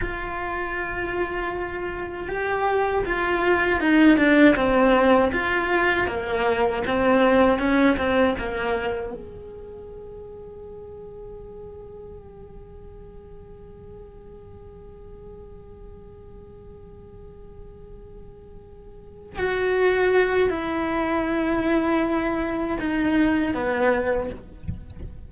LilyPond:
\new Staff \with { instrumentName = "cello" } { \time 4/4 \tempo 4 = 79 f'2. g'4 | f'4 dis'8 d'8 c'4 f'4 | ais4 c'4 cis'8 c'8 ais4 | gis'1~ |
gis'1~ | gis'1~ | gis'4. fis'4. e'4~ | e'2 dis'4 b4 | }